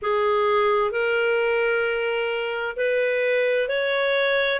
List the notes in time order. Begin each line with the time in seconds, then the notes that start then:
0.02 G#4
0.91 A#4
2.76 B4
3.68 C#5